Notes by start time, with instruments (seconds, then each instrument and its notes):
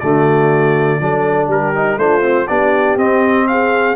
0.00 tuba D3, trombone A3, horn F#4, trumpet D5
1.00 tuba F#3, trombone D4, horn A4
1.48 tuba G3, horn G4, trumpet A#4
1.75 trombone D#4
1.97 tuba A3, trombone D4, horn F4, trumpet C5
2.22 trombone C4
2.48 tuba B3, trombone D4, horn G4, trumpet D5
2.96 tuba C4, trombone C4, trumpet D#5
3.47 horn G#4, trumpet F5